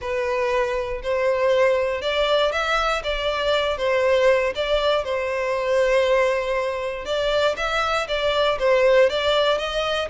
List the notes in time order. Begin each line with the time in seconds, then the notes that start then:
0.01 B4
1.02 C5
2.01 D5
2.52 E5
3.03 D5
3.77 C5
4.55 D5
5.04 C5
7.05 D5
7.56 E5
8.08 D5
8.59 C5
9.09 D5
9.58 D#5